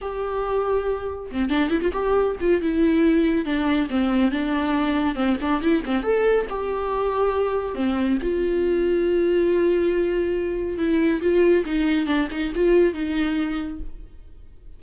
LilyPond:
\new Staff \with { instrumentName = "viola" } { \time 4/4 \tempo 4 = 139 g'2. c'8 d'8 | e'16 f'16 g'4 f'8 e'2 | d'4 c'4 d'2 | c'8 d'8 e'8 c'8 a'4 g'4~ |
g'2 c'4 f'4~ | f'1~ | f'4 e'4 f'4 dis'4 | d'8 dis'8 f'4 dis'2 | }